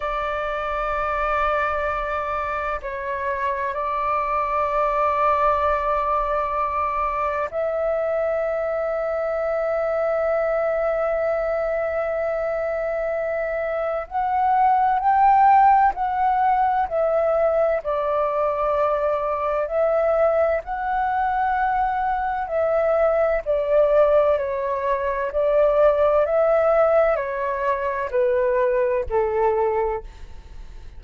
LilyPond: \new Staff \with { instrumentName = "flute" } { \time 4/4 \tempo 4 = 64 d''2. cis''4 | d''1 | e''1~ | e''2. fis''4 |
g''4 fis''4 e''4 d''4~ | d''4 e''4 fis''2 | e''4 d''4 cis''4 d''4 | e''4 cis''4 b'4 a'4 | }